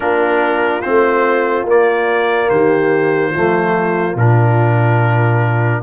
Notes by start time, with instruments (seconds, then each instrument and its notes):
0.00 tuba A#3, trombone D4, horn F4, trumpet A#4
0.81 tuba A3, trombone C4, trumpet C5
1.63 tuba A#3, trombone A#3
1.70 trumpet D5
2.49 tuba D#3, horn G4, trumpet C5
3.31 tuba F3, trombone A3, horn F4
4.15 tuba A#2, trombone D4, trumpet A#4